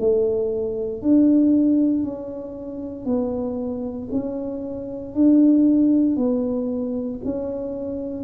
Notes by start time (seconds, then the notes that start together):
0.00 A3
1.02 D4
2.04 C#4
3.05 B3
4.11 C#4
5.14 D4
6.16 B3
7.25 C#4